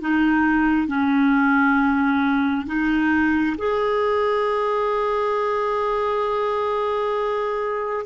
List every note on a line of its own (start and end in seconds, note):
0.00 0.87 D#4
0.87 2.66 C#4
2.66 3.56 D#4
3.58 8.06 G#4